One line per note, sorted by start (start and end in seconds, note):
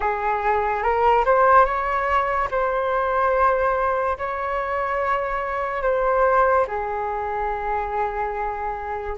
0.00 0.83 G#4
0.83 1.24 A#4
1.25 1.65 C5
1.65 2.48 C#5
2.50 4.17 C5
4.18 5.82 C#5
5.82 6.66 C5
6.67 9.17 G#4